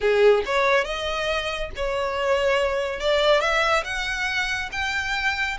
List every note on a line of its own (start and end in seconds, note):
0.00 0.43 G#4
0.45 0.84 C#5
0.84 1.70 D#5
1.76 2.99 C#5
2.99 3.41 D5
3.41 3.83 E5
3.84 4.69 F#5
4.71 5.57 G5